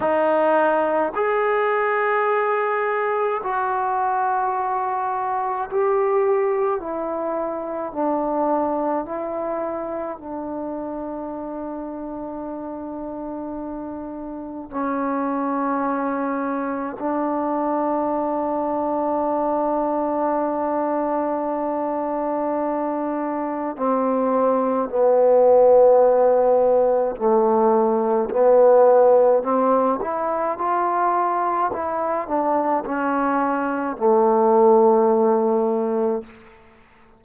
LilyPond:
\new Staff \with { instrumentName = "trombone" } { \time 4/4 \tempo 4 = 53 dis'4 gis'2 fis'4~ | fis'4 g'4 e'4 d'4 | e'4 d'2.~ | d'4 cis'2 d'4~ |
d'1~ | d'4 c'4 b2 | a4 b4 c'8 e'8 f'4 | e'8 d'8 cis'4 a2 | }